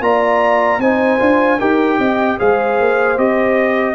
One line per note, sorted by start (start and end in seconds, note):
0.00 0.78 A#3
0.00 0.80 F4
0.00 0.81 D5
0.00 0.81 A#5
0.78 1.18 C4
0.78 1.19 D#4
0.78 1.59 C5
0.78 1.60 G#5
1.19 1.60 D4
1.19 1.59 F4
1.59 1.99 D#4
1.59 2.38 G4
1.59 1.98 A#4
1.59 2.39 G5
1.98 2.38 C4
1.98 2.37 D#5
2.38 2.80 G#3
2.38 3.17 G#4
2.38 3.95 C5
2.38 3.18 F5
2.80 3.17 A#3
3.17 3.95 C4
3.17 3.95 G4
3.17 3.95 D#5